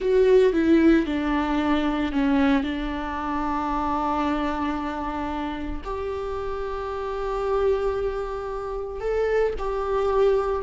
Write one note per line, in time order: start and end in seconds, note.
0.00 0.52 F#4
0.52 1.05 E4
1.05 2.12 D4
2.12 2.63 C#4
2.63 5.81 D4
5.84 9.00 G4
9.00 9.53 A4
9.58 10.62 G4